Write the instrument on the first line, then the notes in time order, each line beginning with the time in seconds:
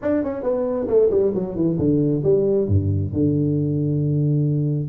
tuba
0.02 D4
0.23 C#4
0.42 B3
0.87 A3
1.10 G3
1.34 F#3
1.55 E3
1.78 D3
2.23 G3
2.68 G2
3.12 D3